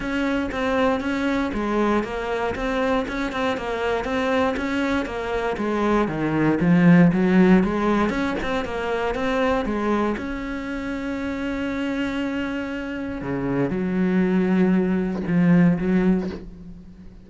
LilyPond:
\new Staff \with { instrumentName = "cello" } { \time 4/4 \tempo 4 = 118 cis'4 c'4 cis'4 gis4 | ais4 c'4 cis'8 c'8 ais4 | c'4 cis'4 ais4 gis4 | dis4 f4 fis4 gis4 |
cis'8 c'8 ais4 c'4 gis4 | cis'1~ | cis'2 cis4 fis4~ | fis2 f4 fis4 | }